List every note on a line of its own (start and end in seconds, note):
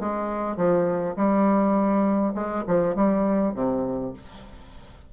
0.00 0.57 G#3
0.57 1.16 F3
1.16 2.34 G3
2.34 2.64 G#3
2.67 2.95 F3
2.95 3.54 G3
3.54 4.13 C3